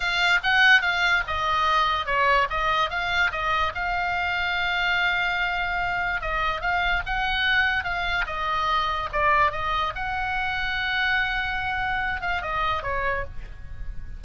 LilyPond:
\new Staff \with { instrumentName = "oboe" } { \time 4/4 \tempo 4 = 145 f''4 fis''4 f''4 dis''4~ | dis''4 cis''4 dis''4 f''4 | dis''4 f''2.~ | f''2. dis''4 |
f''4 fis''2 f''4 | dis''2 d''4 dis''4 | fis''1~ | fis''4. f''8 dis''4 cis''4 | }